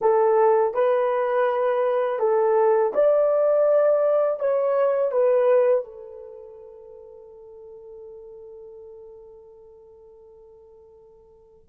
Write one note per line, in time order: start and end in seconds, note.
0.01 0.74 A4
0.74 2.19 B4
2.19 2.92 A4
2.94 4.39 D5
4.39 5.11 C#5
5.11 5.84 B4
5.84 11.69 A4